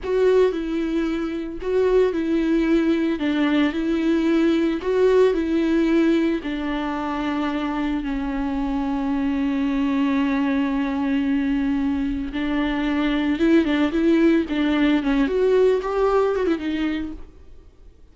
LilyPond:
\new Staff \with { instrumentName = "viola" } { \time 4/4 \tempo 4 = 112 fis'4 e'2 fis'4 | e'2 d'4 e'4~ | e'4 fis'4 e'2 | d'2. cis'4~ |
cis'1~ | cis'2. d'4~ | d'4 e'8 d'8 e'4 d'4 | cis'8 fis'4 g'4 fis'16 e'16 dis'4 | }